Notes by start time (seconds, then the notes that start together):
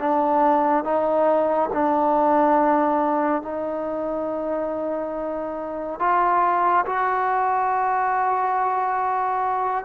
0.00 D4
0.85 D#4
1.73 D4
3.42 D#4
6.00 F4
6.86 F#4